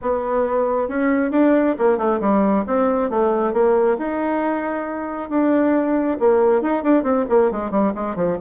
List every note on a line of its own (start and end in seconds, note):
0.01 0.88 B3
0.88 1.31 C#4
1.31 1.75 D4
1.78 1.98 A#3
1.98 2.20 A3
2.20 2.64 G3
2.66 3.10 C4
3.10 3.53 A3
3.53 3.97 A#3
3.98 5.29 D#4
5.29 6.17 D4
6.19 6.61 A#3
6.61 6.83 D#4
6.83 7.03 D4
7.03 7.25 C4
7.29 7.51 A#3
7.51 7.70 G#3
7.70 7.93 G3
7.95 8.15 G#3
8.15 8.37 F3